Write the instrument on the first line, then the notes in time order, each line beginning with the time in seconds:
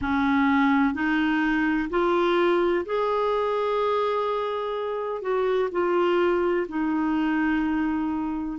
clarinet
0.01 C#4
0.94 D#4
1.90 F4
2.85 G#4
5.21 F#4
5.71 F4
6.68 D#4